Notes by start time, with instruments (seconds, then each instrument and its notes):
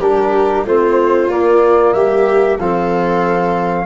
0.00 tuba G3, trombone D4, viola G4, flute A#4
0.66 tuba A3, trombone C4, viola F4, flute C5
1.28 tuba A#3, trombone A#3, flute D5
1.93 tuba G3, viola G4, flute E5
2.59 tuba F3, trombone C4, viola A4, flute F5